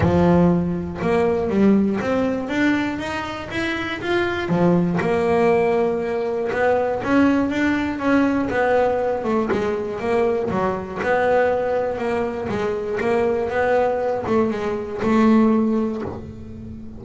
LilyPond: \new Staff \with { instrumentName = "double bass" } { \time 4/4 \tempo 4 = 120 f2 ais4 g4 | c'4 d'4 dis'4 e'4 | f'4 f4 ais2~ | ais4 b4 cis'4 d'4 |
cis'4 b4. a8 gis4 | ais4 fis4 b2 | ais4 gis4 ais4 b4~ | b8 a8 gis4 a2 | }